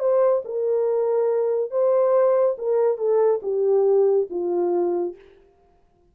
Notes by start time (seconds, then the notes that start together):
0.00 C5
0.45 A#4
1.71 C5
2.58 A#4
2.98 A4
3.43 G4
4.30 F4